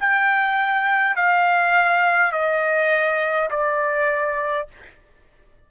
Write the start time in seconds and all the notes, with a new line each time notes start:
0.00 G5
1.17 F5
2.32 D#5
3.51 D5